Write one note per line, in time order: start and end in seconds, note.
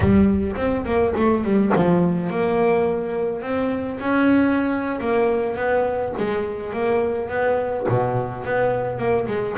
0.00 0.55 G3
0.56 0.84 C4
0.85 1.13 A#3
1.16 1.43 A3
1.43 1.72 G3
1.75 2.30 F3
2.30 3.42 A#3
3.42 3.99 C4
3.99 4.99 C#4
5.00 5.56 A#3
5.56 6.13 B3
6.17 6.72 G#3
6.72 7.29 A#3
7.29 7.86 B3
7.88 8.44 B2
8.44 8.97 B3
8.97 9.26 A#3
9.27 9.56 G#3